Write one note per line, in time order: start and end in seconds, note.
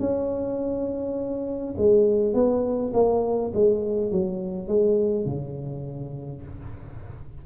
0.00 1.75 C#4
1.78 2.34 G#3
2.34 2.92 B3
2.94 3.52 A#3
3.54 4.11 G#3
4.11 4.68 F#3
4.68 5.26 G#3
5.26 6.42 C#3